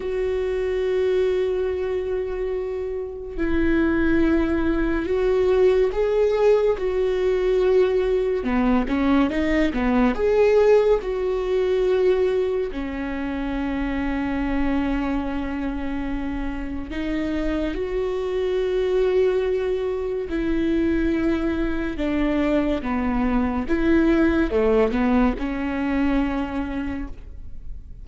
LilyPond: \new Staff \with { instrumentName = "viola" } { \time 4/4 \tempo 4 = 71 fis'1 | e'2 fis'4 gis'4 | fis'2 b8 cis'8 dis'8 b8 | gis'4 fis'2 cis'4~ |
cis'1 | dis'4 fis'2. | e'2 d'4 b4 | e'4 a8 b8 cis'2 | }